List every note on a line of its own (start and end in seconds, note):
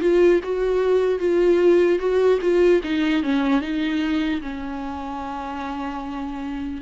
0.00 0.40 F4
0.43 1.19 F#4
1.19 1.99 F4
1.99 2.39 F#4
2.41 2.81 F4
2.83 3.23 D#4
3.23 3.61 C#4
3.61 4.41 D#4
4.41 6.81 C#4